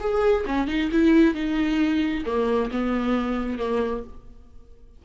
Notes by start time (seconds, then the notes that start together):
0.00 G#4
0.46 C#4
0.68 D#4
0.92 E4
1.35 D#4
2.26 A#3
2.71 B3
3.59 A#3